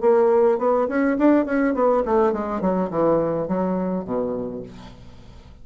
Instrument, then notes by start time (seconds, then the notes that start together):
bassoon
0.00 A#3
0.58 B3
0.88 C#4
1.18 D4
1.45 C#4
1.74 B3
2.05 A3
2.32 G#3
2.61 F#3
2.90 E3
3.47 F#3
4.04 B2